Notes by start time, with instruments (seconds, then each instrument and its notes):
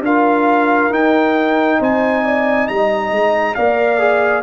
0.00 tuba D4, trombone F4, horn A#4, trumpet F5
0.89 tuba D#4, trombone D#4, trumpet G5
1.79 tuba C4, horn C5, trumpet G#5
2.24 horn D5
2.67 tuba G3, horn D#5, trumpet A#5
3.10 tuba G#3
3.54 tuba A#3, trombone A#4, horn D5, trumpet F5
3.98 trombone G#4